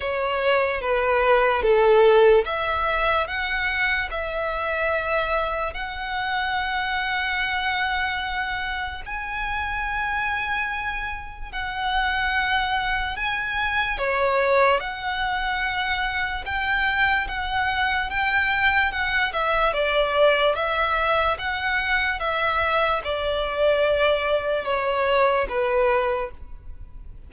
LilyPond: \new Staff \with { instrumentName = "violin" } { \time 4/4 \tempo 4 = 73 cis''4 b'4 a'4 e''4 | fis''4 e''2 fis''4~ | fis''2. gis''4~ | gis''2 fis''2 |
gis''4 cis''4 fis''2 | g''4 fis''4 g''4 fis''8 e''8 | d''4 e''4 fis''4 e''4 | d''2 cis''4 b'4 | }